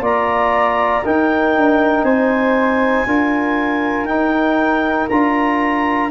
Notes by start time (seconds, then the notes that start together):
0.00 A#3 F4 D5 A#5
1.04 D#4 A#4 G5
1.56 D4
2.03 C4 C5 G#5
3.06 D4 F4 A#4
4.04 D#4 G5
5.09 D4 F4 A#5